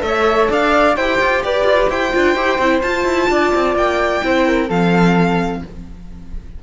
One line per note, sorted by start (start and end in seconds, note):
0.00 0.49 A3
0.00 0.93 A4
0.00 0.49 E5
0.07 0.51 C#5
0.51 0.97 D4
0.51 0.97 D5
0.51 0.97 F5
0.97 1.20 E4
0.97 2.13 G4
0.97 1.44 C5
0.97 1.43 G5
1.21 1.44 F4
1.44 1.65 G4
1.44 1.91 B4
1.44 1.90 D5
1.65 1.88 F4
1.90 2.13 E4
1.90 3.30 C5
1.90 2.82 G5
2.13 2.36 D4
2.13 2.35 F4
2.35 2.59 E4
2.35 2.59 G4
2.59 2.82 C4
2.59 2.83 E4
2.82 4.22 F4
2.82 3.05 F4
2.82 3.75 A5
3.05 3.28 E4
3.30 3.53 D4
3.30 4.25 D5
3.55 3.75 C4
3.75 4.22 A#3
3.75 4.70 G5
4.22 4.70 C4
4.22 4.68 E4
4.22 4.47 C5
4.47 4.69 A#4
4.69 5.63 F3
4.69 5.63 C4
4.69 5.62 A4
4.69 5.63 F5